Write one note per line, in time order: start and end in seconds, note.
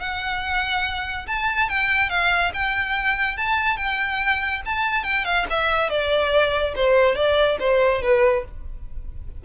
0.00 1.27 F#5
1.28 1.70 A5
1.70 2.10 G5
2.10 2.52 F5
2.54 3.37 G5
3.37 3.77 A5
3.77 4.62 G5
4.66 5.04 A5
5.04 5.25 G5
5.25 5.46 F5
5.50 5.90 E5
5.90 6.75 D5
6.76 7.16 C5
7.16 7.58 D5
7.60 8.02 C5
8.03 8.45 B4